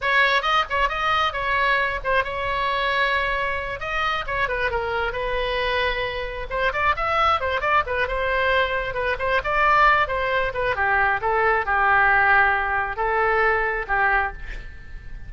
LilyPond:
\new Staff \with { instrumentName = "oboe" } { \time 4/4 \tempo 4 = 134 cis''4 dis''8 cis''8 dis''4 cis''4~ | cis''8 c''8 cis''2.~ | cis''8 dis''4 cis''8 b'8 ais'4 b'8~ | b'2~ b'8 c''8 d''8 e''8~ |
e''8 c''8 d''8 b'8 c''2 | b'8 c''8 d''4. c''4 b'8 | g'4 a'4 g'2~ | g'4 a'2 g'4 | }